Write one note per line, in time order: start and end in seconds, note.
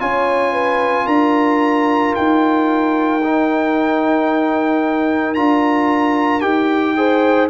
0.00 1.07 C#4
0.00 3.21 F4
0.00 0.53 C#5
0.00 1.07 G#5
0.53 1.05 B4
1.05 2.14 D4
1.05 6.94 A#4
1.05 2.15 A#5
2.15 5.37 D#4
2.15 5.35 G5
3.23 5.36 D#4
5.35 6.43 D4
5.35 6.41 F4
5.35 6.41 A#5
6.41 7.50 D#4
6.41 6.95 G4
6.41 7.48 G5
6.97 7.50 G#4
6.97 7.50 C5